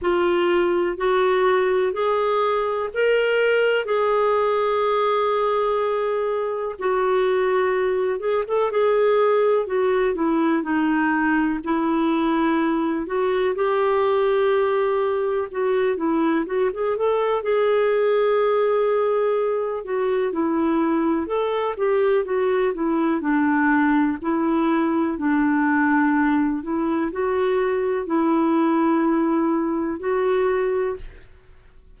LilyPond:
\new Staff \with { instrumentName = "clarinet" } { \time 4/4 \tempo 4 = 62 f'4 fis'4 gis'4 ais'4 | gis'2. fis'4~ | fis'8 gis'16 a'16 gis'4 fis'8 e'8 dis'4 | e'4. fis'8 g'2 |
fis'8 e'8 fis'16 gis'16 a'8 gis'2~ | gis'8 fis'8 e'4 a'8 g'8 fis'8 e'8 | d'4 e'4 d'4. e'8 | fis'4 e'2 fis'4 | }